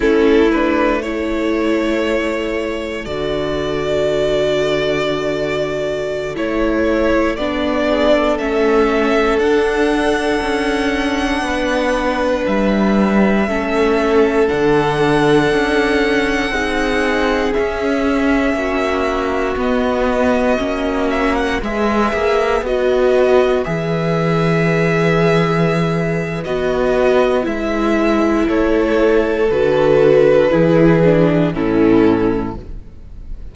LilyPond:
<<
  \new Staff \with { instrumentName = "violin" } { \time 4/4 \tempo 4 = 59 a'8 b'8 cis''2 d''4~ | d''2~ d''16 cis''4 d''8.~ | d''16 e''4 fis''2~ fis''8.~ | fis''16 e''2 fis''4.~ fis''16~ |
fis''4~ fis''16 e''2 dis''8.~ | dis''8. e''16 fis''16 e''4 dis''4 e''8.~ | e''2 dis''4 e''4 | cis''4 b'2 a'4 | }
  \new Staff \with { instrumentName = "violin" } { \time 4/4 e'4 a'2.~ | a'2.~ a'8. gis'16 | a'2.~ a'16 b'8.~ | b'4~ b'16 a'2~ a'8.~ |
a'16 gis'2 fis'4.~ fis'16~ | fis'4~ fis'16 b'2~ b'8.~ | b'1 | a'2 gis'4 e'4 | }
  \new Staff \with { instrumentName = "viola" } { \time 4/4 cis'8 d'8 e'2 fis'4~ | fis'2~ fis'16 e'4 d'8.~ | d'16 cis'4 d'2~ d'8.~ | d'4~ d'16 cis'4 d'4.~ d'16~ |
d'16 dis'4 cis'2 b8.~ | b16 cis'4 gis'4 fis'4 gis'8.~ | gis'2 fis'4 e'4~ | e'4 fis'4 e'8 d'8 cis'4 | }
  \new Staff \with { instrumentName = "cello" } { \time 4/4 a2. d4~ | d2~ d16 a4 b8.~ | b16 a4 d'4 cis'4 b8.~ | b16 g4 a4 d4 cis'8.~ |
cis'16 c'4 cis'4 ais4 b8.~ | b16 ais4 gis8 ais8 b4 e8.~ | e2 b4 gis4 | a4 d4 e4 a,4 | }
>>